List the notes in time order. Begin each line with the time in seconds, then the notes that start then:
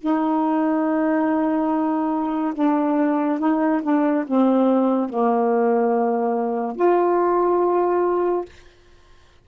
0.00 D#4
2.54 D4
3.39 D#4
3.83 D4
4.27 C4
5.09 A#3
6.76 F4